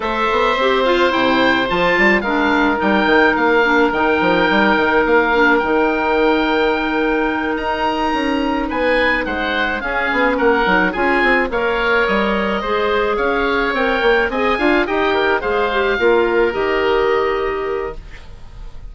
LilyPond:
<<
  \new Staff \with { instrumentName = "oboe" } { \time 4/4 \tempo 4 = 107 e''4. f''8 g''4 a''4 | f''4 g''4 f''4 g''4~ | g''4 f''4 g''2~ | g''4. ais''2 gis''8~ |
gis''8 fis''4 f''4 fis''4 gis''8~ | gis''8 f''4 dis''2 f''8~ | f''8 g''4 gis''4 g''4 f''8~ | f''4. dis''2~ dis''8 | }
  \new Staff \with { instrumentName = "oboe" } { \time 4/4 c''1 | ais'1~ | ais'1~ | ais'2.~ ais'8 b'8~ |
b'8 c''4 gis'4 ais'4 gis'8~ | gis'8 cis''2 c''4 cis''8~ | cis''4. dis''8 f''8 dis''8 ais'8 c''8~ | c''8 ais'2.~ ais'8 | }
  \new Staff \with { instrumentName = "clarinet" } { \time 4/4 a'4 g'8 f'8 e'4 f'4 | d'4 dis'4. d'8 dis'4~ | dis'4. d'8 dis'2~ | dis'1~ |
dis'4. cis'4. dis'8 f'8~ | f'8 ais'2 gis'4.~ | gis'8 ais'4 gis'8 f'8 g'4 gis'8 | g'8 f'4 g'2~ g'8 | }
  \new Staff \with { instrumentName = "bassoon" } { \time 4/4 a8 b8 c'4 c4 f8 g8 | gis4 g8 dis8 ais4 dis8 f8 | g8 dis8 ais4 dis2~ | dis4. dis'4 cis'4 b8~ |
b8 gis4 cis'8 b8 ais8 fis8 cis'8 | c'8 ais4 g4 gis4 cis'8~ | cis'8 c'8 ais8 c'8 d'8 dis'4 gis8~ | gis8 ais4 dis2~ dis8 | }
>>